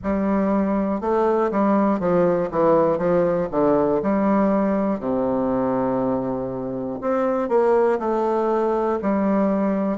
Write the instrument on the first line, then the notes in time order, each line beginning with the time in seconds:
bassoon
0.03 G3
1.00 A3
1.51 G3
1.99 F3
2.50 E3
2.98 F3
3.50 D3
4.02 G3
5.00 C3
7.01 C4
7.49 A#3
7.99 A3
9.01 G3